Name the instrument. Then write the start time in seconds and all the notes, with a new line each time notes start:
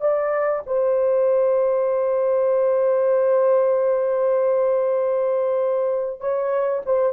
horn
0.00 D5
0.66 C5
6.20 C#5
6.85 C5